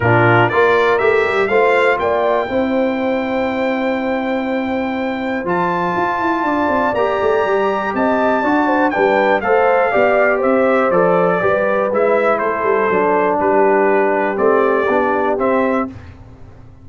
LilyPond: <<
  \new Staff \with { instrumentName = "trumpet" } { \time 4/4 \tempo 4 = 121 ais'4 d''4 e''4 f''4 | g''1~ | g''2. a''4~ | a''2 ais''2 |
a''2 g''4 f''4~ | f''4 e''4 d''2 | e''4 c''2 b'4~ | b'4 d''2 e''4 | }
  \new Staff \with { instrumentName = "horn" } { \time 4/4 f'4 ais'2 c''4 | d''4 c''2.~ | c''1~ | c''4 d''2. |
dis''4 d''8 c''8 b'4 c''4 | d''4 c''2 b'4~ | b'4 a'2 g'4~ | g'1 | }
  \new Staff \with { instrumentName = "trombone" } { \time 4/4 d'4 f'4 g'4 f'4~ | f'4 e'2.~ | e'2. f'4~ | f'2 g'2~ |
g'4 fis'4 d'4 a'4 | g'2 a'4 g'4 | e'2 d'2~ | d'4 c'4 d'4 c'4 | }
  \new Staff \with { instrumentName = "tuba" } { \time 4/4 ais,4 ais4 a8 g8 a4 | ais4 c'2.~ | c'2. f4 | f'8 e'8 d'8 c'8 ais8 a8 g4 |
c'4 d'4 g4 a4 | b4 c'4 f4 g4 | gis4 a8 g8 fis4 g4~ | g4 a4 b4 c'4 | }
>>